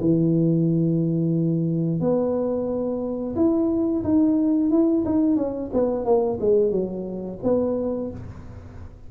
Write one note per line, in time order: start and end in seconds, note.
0.00 2.00 E3
2.00 3.35 B3
3.36 4.03 E4
4.03 4.70 D#4
4.70 5.04 E4
5.05 5.36 D#4
5.36 5.70 C#4
5.73 6.05 B3
6.05 6.39 A#3
6.40 6.71 G#3
6.71 7.38 F#3
7.43 8.11 B3